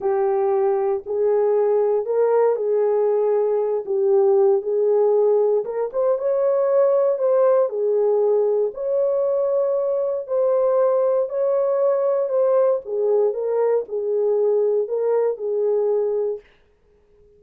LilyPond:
\new Staff \with { instrumentName = "horn" } { \time 4/4 \tempo 4 = 117 g'2 gis'2 | ais'4 gis'2~ gis'8 g'8~ | g'4 gis'2 ais'8 c''8 | cis''2 c''4 gis'4~ |
gis'4 cis''2. | c''2 cis''2 | c''4 gis'4 ais'4 gis'4~ | gis'4 ais'4 gis'2 | }